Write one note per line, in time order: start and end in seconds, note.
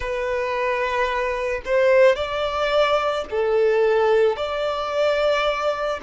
0.00 1.61 B4
1.65 2.15 C5
2.15 3.24 D5
3.30 4.36 A4
4.36 6.00 D5